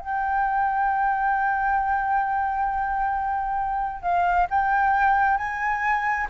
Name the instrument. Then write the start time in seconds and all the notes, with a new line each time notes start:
flute
0.00 G5
4.02 F5
4.51 G5
5.38 G#5